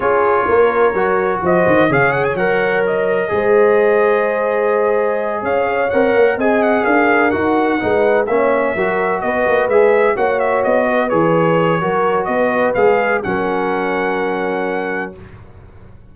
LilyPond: <<
  \new Staff \with { instrumentName = "trumpet" } { \time 4/4 \tempo 4 = 127 cis''2. dis''4 | f''8 fis''16 gis''16 fis''4 dis''2~ | dis''2.~ dis''8 f''8~ | f''8 fis''4 gis''8 fis''8 f''4 fis''8~ |
fis''4. e''2 dis''8~ | dis''8 e''4 fis''8 e''8 dis''4 cis''8~ | cis''2 dis''4 f''4 | fis''1 | }
  \new Staff \with { instrumentName = "horn" } { \time 4/4 gis'4 ais'2 c''4 | cis''2. c''4~ | c''2.~ c''8 cis''8~ | cis''4. dis''4 ais'4.~ |
ais'8 b'4 cis''4 ais'4 b'8~ | b'4. cis''4. b'4~ | b'4 ais'4 b'2 | ais'1 | }
  \new Staff \with { instrumentName = "trombone" } { \time 4/4 f'2 fis'2 | gis'4 ais'2 gis'4~ | gis'1~ | gis'8 ais'4 gis'2 fis'8~ |
fis'8 dis'4 cis'4 fis'4.~ | fis'8 gis'4 fis'2 gis'8~ | gis'4 fis'2 gis'4 | cis'1 | }
  \new Staff \with { instrumentName = "tuba" } { \time 4/4 cis'4 ais4 fis4 f8 dis8 | cis4 fis2 gis4~ | gis2.~ gis8 cis'8~ | cis'8 c'8 ais8 c'4 d'4 dis'8~ |
dis'8 gis4 ais4 fis4 b8 | ais8 gis4 ais4 b4 e8~ | e4 fis4 b4 gis4 | fis1 | }
>>